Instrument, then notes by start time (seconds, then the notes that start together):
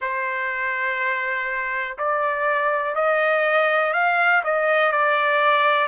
trumpet
0.00 C5
1.98 D5
2.95 D#5
3.93 F5
4.44 D#5
4.92 D5